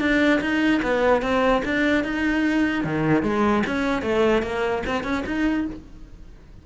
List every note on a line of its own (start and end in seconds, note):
0.00 0.40 D4
0.41 0.81 D#4
0.82 1.22 B3
1.22 1.62 C4
1.65 2.04 D4
2.04 2.84 D#4
2.84 3.23 D#3
3.23 3.63 G#3
3.66 4.02 C#4
4.02 4.42 A3
4.42 4.83 A#3
4.86 5.04 C4
5.04 5.24 C#4
5.26 5.66 D#4